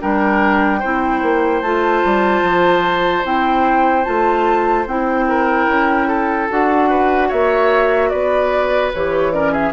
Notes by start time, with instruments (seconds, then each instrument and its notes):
0.00 bassoon G3, clarinet D4, oboe A#4, flute G5
0.80 bassoon C4, clarinet E4, oboe C5
1.22 bassoon A#3
1.62 bassoon A3, clarinet F4, flute A5
2.05 bassoon G3
2.42 bassoon F3
3.24 bassoon C4, clarinet E4, flute G5
4.04 bassoon A3, clarinet F4, flute A5
4.86 bassoon C4, clarinet E4, flute G5
5.28 oboe A#4
5.67 bassoon C#4
6.08 oboe A4
6.49 bassoon D4, clarinet F#4, flute F#5
6.90 oboe B4
7.28 bassoon A#3, oboe C#5, flute E5
8.09 bassoon B3, oboe B4, flute D5
8.94 bassoon E3, clarinet G4, flute C#5
9.33 clarinet C#4, oboe A#4, flute D5
9.52 oboe G#4, flute E5